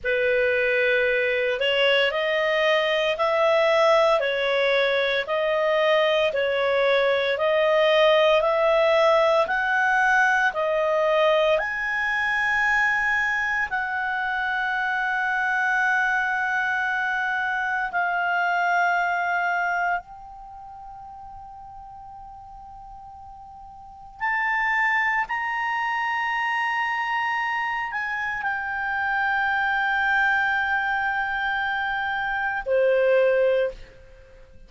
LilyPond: \new Staff \with { instrumentName = "clarinet" } { \time 4/4 \tempo 4 = 57 b'4. cis''8 dis''4 e''4 | cis''4 dis''4 cis''4 dis''4 | e''4 fis''4 dis''4 gis''4~ | gis''4 fis''2.~ |
fis''4 f''2 g''4~ | g''2. a''4 | ais''2~ ais''8 gis''8 g''4~ | g''2. c''4 | }